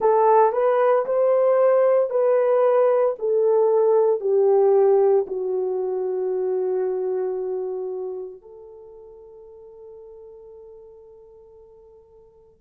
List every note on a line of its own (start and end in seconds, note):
0.00 0.52 A4
0.52 1.05 B4
1.05 2.10 C5
2.10 3.15 B4
3.19 4.20 A4
4.20 5.25 G4
5.26 8.41 F#4
8.41 12.61 A4